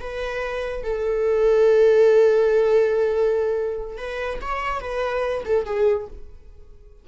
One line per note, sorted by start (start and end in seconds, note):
0.00 0.84 B4
0.84 3.97 A4
3.97 4.39 B4
4.41 4.81 C#5
4.81 5.44 B4
5.45 5.65 A4
5.65 6.07 G#4